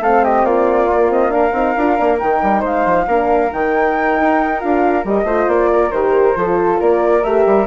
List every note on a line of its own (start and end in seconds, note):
0.00 0.44 A3
0.00 0.90 C4
0.00 0.24 A4
0.00 0.24 F5
0.24 0.45 G4
0.24 0.45 D#5
0.45 1.52 A#3
0.45 1.33 F4
0.45 1.11 D5
0.91 1.09 A#3
1.09 1.29 C4
1.09 1.31 D#5
1.29 1.51 D4
1.29 2.60 A#4
1.29 2.19 F5
1.52 1.74 C4
1.52 1.76 D#4
1.77 1.99 D4
1.77 1.97 F4
1.97 2.21 A#3
1.97 2.19 D4
2.19 2.42 D#3
2.19 3.07 D#4
2.19 2.63 G5
2.42 2.64 G3
2.60 2.86 G#3
2.60 3.04 C5
2.60 3.53 F5
2.86 3.07 F3
3.07 3.51 A#3
3.07 3.51 D4
3.07 5.26 A#4
3.51 4.18 D#3
3.51 4.60 D#4
3.51 4.60 G5
4.20 4.64 D#4
4.60 5.04 D4
4.60 5.04 F4
4.60 5.04 F5
5.04 5.24 G3
5.04 5.26 G4
5.04 5.50 D#5
5.24 5.46 A3
5.24 5.92 F4
5.24 5.69 C5
5.48 5.91 A#3
5.48 5.91 D5
5.72 6.38 A#4
5.91 6.36 D#3
5.91 6.36 G4
5.91 6.79 C5
6.36 6.80 F3
6.36 7.23 F4
6.36 6.80 A4
6.80 7.24 A#3
6.80 7.67 A#4
6.80 7.23 D5
7.23 7.46 A3
7.23 7.67 G4
7.23 7.67 E5
7.46 7.67 G3